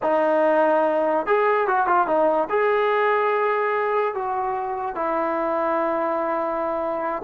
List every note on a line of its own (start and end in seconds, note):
0.02 1.26 D#4
1.26 1.67 G#4
1.67 1.86 F#4
1.86 2.07 F4
2.07 2.48 D#4
2.49 4.14 G#4
4.14 4.95 F#4
4.95 7.22 E4